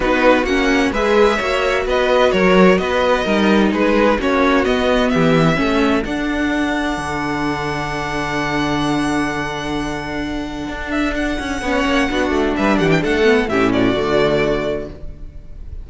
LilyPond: <<
  \new Staff \with { instrumentName = "violin" } { \time 4/4 \tempo 4 = 129 b'4 fis''4 e''2 | dis''4 cis''4 dis''2 | b'4 cis''4 dis''4 e''4~ | e''4 fis''2.~ |
fis''1~ | fis''2.~ fis''8 e''8 | fis''2. e''8 fis''16 g''16 | fis''4 e''8 d''2~ d''8 | }
  \new Staff \with { instrumentName = "violin" } { \time 4/4 fis'2 b'4 cis''4 | b'4 ais'4 b'4 ais'4 | gis'4 fis'2 g'4 | a'1~ |
a'1~ | a'1~ | a'4 cis''4 fis'4 b'8 g'8 | a'4 g'8 fis'2~ fis'8 | }
  \new Staff \with { instrumentName = "viola" } { \time 4/4 dis'4 cis'4 gis'4 fis'4~ | fis'2. dis'4~ | dis'4 cis'4 b2 | cis'4 d'2.~ |
d'1~ | d'1~ | d'4 cis'4 d'2~ | d'8 b8 cis'4 a2 | }
  \new Staff \with { instrumentName = "cello" } { \time 4/4 b4 ais4 gis4 ais4 | b4 fis4 b4 g4 | gis4 ais4 b4 e4 | a4 d'2 d4~ |
d1~ | d2. d'4~ | d'8 cis'8 b8 ais8 b8 a8 g8 e8 | a4 a,4 d2 | }
>>